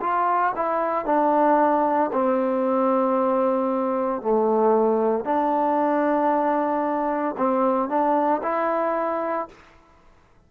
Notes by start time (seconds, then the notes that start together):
0.00 F4
0.56 E4
1.05 D4
2.12 C4
4.22 A3
5.25 D4
7.37 C4
7.89 D4
8.43 E4